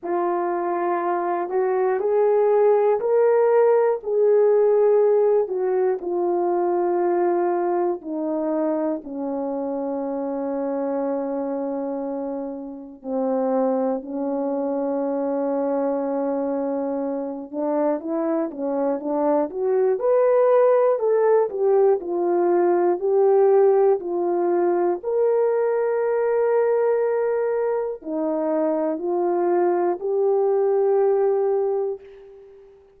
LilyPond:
\new Staff \with { instrumentName = "horn" } { \time 4/4 \tempo 4 = 60 f'4. fis'8 gis'4 ais'4 | gis'4. fis'8 f'2 | dis'4 cis'2.~ | cis'4 c'4 cis'2~ |
cis'4. d'8 e'8 cis'8 d'8 fis'8 | b'4 a'8 g'8 f'4 g'4 | f'4 ais'2. | dis'4 f'4 g'2 | }